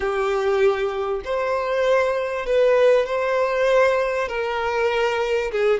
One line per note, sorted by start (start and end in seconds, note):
0.00 1.21 G4
1.24 2.46 C5
2.46 3.06 B4
3.06 4.28 C5
4.28 5.51 A#4
5.51 5.79 G#4